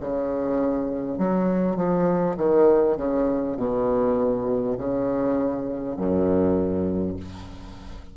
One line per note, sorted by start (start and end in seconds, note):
0.00 1.18 C#3
1.18 1.76 F#3
1.76 2.36 F3
2.36 2.96 D#3
2.96 3.56 C#3
3.56 4.76 B2
4.77 5.96 C#3
5.96 7.16 F#2